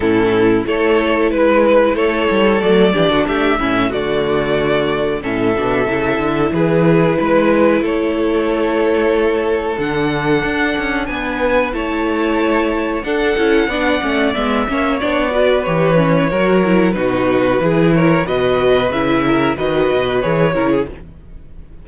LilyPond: <<
  \new Staff \with { instrumentName = "violin" } { \time 4/4 \tempo 4 = 92 a'4 cis''4 b'4 cis''4 | d''4 e''4 d''2 | e''2 b'2 | cis''2. fis''4~ |
fis''4 gis''4 a''2 | fis''2 e''4 d''4 | cis''2 b'4. cis''8 | dis''4 e''4 dis''4 cis''4 | }
  \new Staff \with { instrumentName = "violin" } { \time 4/4 e'4 a'4 b'4 a'4~ | a'8 g'16 fis'16 g'8 e'8 fis'2 | a'2 gis'4 b'4 | a'1~ |
a'4 b'4 cis''2 | a'4 d''4. cis''4 b'8~ | b'4 ais'4 fis'4 gis'8 ais'8 | b'4. ais'8 b'4. ais'16 gis'16 | }
  \new Staff \with { instrumentName = "viola" } { \time 4/4 cis'4 e'2. | a8 d'4 cis'8 a2 | cis'8 d'8 e'2.~ | e'2. d'4~ |
d'2 e'2 | d'8 e'8 d'8 cis'8 b8 cis'8 d'8 fis'8 | g'8 cis'8 fis'8 e'8 dis'4 e'4 | fis'4 e'4 fis'4 gis'8 e'8 | }
  \new Staff \with { instrumentName = "cello" } { \time 4/4 a,4 a4 gis4 a8 g8 | fis8 e16 d16 a8 a,8 d2 | a,8 b,8 cis8 d8 e4 gis4 | a2. d4 |
d'8 cis'8 b4 a2 | d'8 cis'8 b8 a8 gis8 ais8 b4 | e4 fis4 b,4 e4 | b,4 cis4 dis8 b,8 e8 cis8 | }
>>